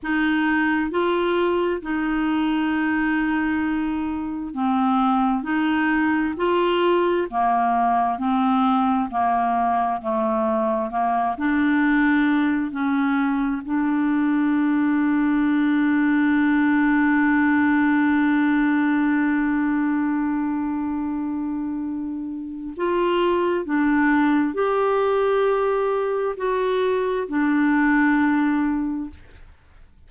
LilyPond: \new Staff \with { instrumentName = "clarinet" } { \time 4/4 \tempo 4 = 66 dis'4 f'4 dis'2~ | dis'4 c'4 dis'4 f'4 | ais4 c'4 ais4 a4 | ais8 d'4. cis'4 d'4~ |
d'1~ | d'1~ | d'4 f'4 d'4 g'4~ | g'4 fis'4 d'2 | }